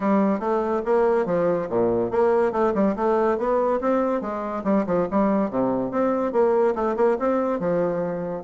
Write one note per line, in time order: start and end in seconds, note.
0.00 0.39 G3
0.39 0.81 A3
0.85 1.25 A#3
1.25 1.67 F3
1.69 2.10 A#2
2.10 2.52 A#3
2.52 2.73 A3
2.74 2.95 G3
2.96 3.37 A3
3.37 3.80 B3
3.80 4.21 C4
4.21 4.63 G#3
4.64 4.85 G3
4.86 5.07 F3
5.10 5.50 G3
5.50 5.91 C3
5.91 6.32 C4
6.32 6.74 A#3
6.75 6.96 A3
6.96 7.17 A#3
7.19 7.59 C4
7.59 8.43 F3